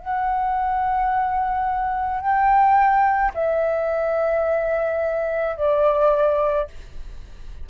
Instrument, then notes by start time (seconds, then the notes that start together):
flute
0.00 F#5
2.21 G5
3.34 E5
5.57 D5